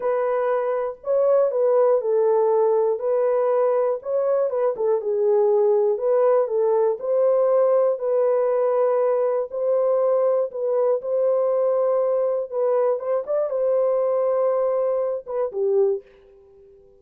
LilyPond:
\new Staff \with { instrumentName = "horn" } { \time 4/4 \tempo 4 = 120 b'2 cis''4 b'4 | a'2 b'2 | cis''4 b'8 a'8 gis'2 | b'4 a'4 c''2 |
b'2. c''4~ | c''4 b'4 c''2~ | c''4 b'4 c''8 d''8 c''4~ | c''2~ c''8 b'8 g'4 | }